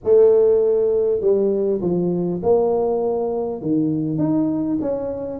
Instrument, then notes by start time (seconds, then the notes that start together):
tuba
0.04 A3
1.21 G3
1.81 F3
2.42 A#3
3.61 D#3
4.18 D#4
4.81 C#4